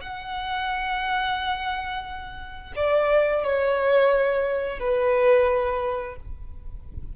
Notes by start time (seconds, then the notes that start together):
0.00 F#5
2.76 D5
3.44 C#5
4.79 B4